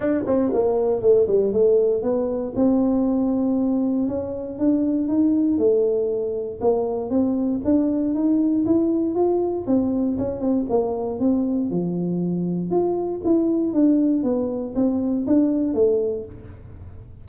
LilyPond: \new Staff \with { instrumentName = "tuba" } { \time 4/4 \tempo 4 = 118 d'8 c'8 ais4 a8 g8 a4 | b4 c'2. | cis'4 d'4 dis'4 a4~ | a4 ais4 c'4 d'4 |
dis'4 e'4 f'4 c'4 | cis'8 c'8 ais4 c'4 f4~ | f4 f'4 e'4 d'4 | b4 c'4 d'4 a4 | }